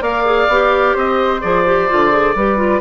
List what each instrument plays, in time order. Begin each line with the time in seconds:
0.00 bassoon A#3, clarinet A#4, flute D5, oboe F5
0.25 clarinet G#4
0.48 bassoon B3, clarinet G4
0.94 bassoon C4, flute C5, oboe D#5
1.41 bassoon F3, clarinet G#4, oboe D5
1.66 clarinet G4
1.89 bassoon D3, clarinet F4
2.11 clarinet G#4
2.35 bassoon G3, clarinet G4, flute B4
2.57 clarinet F4